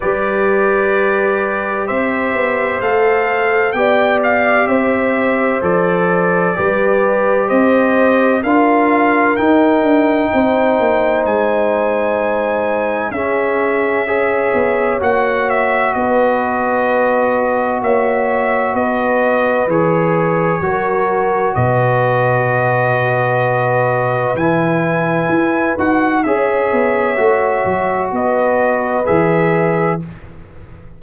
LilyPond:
<<
  \new Staff \with { instrumentName = "trumpet" } { \time 4/4 \tempo 4 = 64 d''2 e''4 f''4 | g''8 f''8 e''4 d''2 | dis''4 f''4 g''2 | gis''2 e''2 |
fis''8 e''8 dis''2 e''4 | dis''4 cis''2 dis''4~ | dis''2 gis''4. fis''8 | e''2 dis''4 e''4 | }
  \new Staff \with { instrumentName = "horn" } { \time 4/4 b'2 c''2 | d''4 c''2 b'4 | c''4 ais'2 c''4~ | c''2 gis'4 cis''4~ |
cis''4 b'2 cis''4 | b'2 ais'4 b'4~ | b'1 | cis''2 b'2 | }
  \new Staff \with { instrumentName = "trombone" } { \time 4/4 g'2. a'4 | g'2 a'4 g'4~ | g'4 f'4 dis'2~ | dis'2 cis'4 gis'4 |
fis'1~ | fis'4 gis'4 fis'2~ | fis'2 e'4. fis'8 | gis'4 fis'2 gis'4 | }
  \new Staff \with { instrumentName = "tuba" } { \time 4/4 g2 c'8 b8 a4 | b4 c'4 f4 g4 | c'4 d'4 dis'8 d'8 c'8 ais8 | gis2 cis'4. b8 |
ais4 b2 ais4 | b4 e4 fis4 b,4~ | b,2 e4 e'8 dis'8 | cis'8 b8 a8 fis8 b4 e4 | }
>>